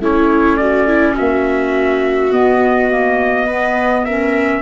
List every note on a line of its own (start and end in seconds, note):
0.00 1.15 A3
0.00 2.31 C#4
0.00 0.59 E4
0.00 0.57 C#5
0.57 0.87 F#4
0.57 1.14 D5
0.87 1.14 E4
1.14 2.31 A#3
1.14 3.45 F#4
1.14 2.32 E5
2.31 2.89 B3
2.31 4.61 B3
2.31 4.05 D#5
2.89 3.46 A#3
3.46 4.07 B3
3.46 4.04 B4
4.05 4.61 C#4
4.05 4.61 A#4
4.05 4.61 E5